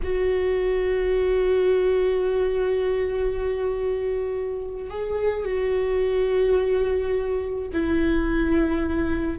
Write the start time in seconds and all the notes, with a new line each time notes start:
0.03 F#4
4.90 G#4
5.44 F#4
7.73 E4